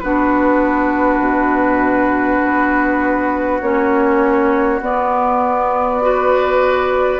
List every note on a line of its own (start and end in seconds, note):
0.00 1.20 B3
0.00 3.62 D4
0.00 6.03 F#4
0.00 3.60 B4
1.20 2.40 B2
2.44 3.62 B3
3.61 4.80 A#3
3.61 4.82 C#4
3.61 4.81 C#5
4.80 7.20 B3
4.80 6.02 B3
4.80 7.20 D5
6.02 7.20 F#4
6.02 7.20 B4